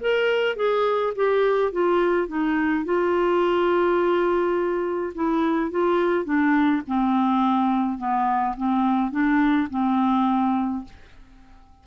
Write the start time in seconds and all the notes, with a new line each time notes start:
0.00 A#4
0.56 G#4
1.15 G4
1.72 F4
2.28 D#4
2.84 F4
5.15 E4
5.70 F4
6.25 D4
6.87 C4
7.98 B3
8.56 C4
9.11 D4
9.70 C4